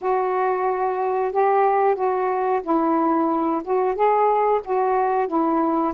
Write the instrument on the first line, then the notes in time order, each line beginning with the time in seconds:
saxophone
0.01 F#4
1.32 G4
1.95 F#4
2.63 E4
3.64 F#4
3.95 G#4
4.64 F#4
5.27 E4